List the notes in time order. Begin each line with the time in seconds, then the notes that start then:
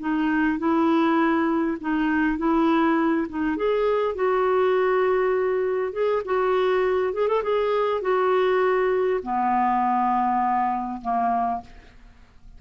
0.00 D#4
0.59 E4
1.81 D#4
2.38 E4
3.29 D#4
3.57 G#4
4.16 F#4
5.93 G#4
6.25 F#4
7.13 G#4
7.28 A4
7.43 G#4
8.01 F#4
9.23 B3
11.02 A#3